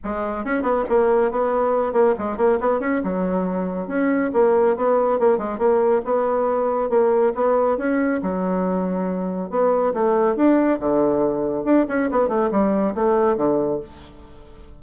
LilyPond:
\new Staff \with { instrumentName = "bassoon" } { \time 4/4 \tempo 4 = 139 gis4 cis'8 b8 ais4 b4~ | b8 ais8 gis8 ais8 b8 cis'8 fis4~ | fis4 cis'4 ais4 b4 | ais8 gis8 ais4 b2 |
ais4 b4 cis'4 fis4~ | fis2 b4 a4 | d'4 d2 d'8 cis'8 | b8 a8 g4 a4 d4 | }